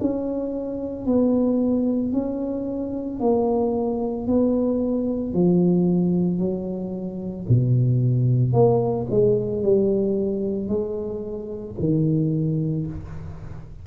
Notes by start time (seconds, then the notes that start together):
0.00 C#4
1.05 B3
2.12 C#4
3.19 A#3
4.27 B3
5.33 F3
6.38 F#3
7.49 B2
8.53 A#3
9.10 G#3
9.62 G3
10.68 G#3
11.80 D#3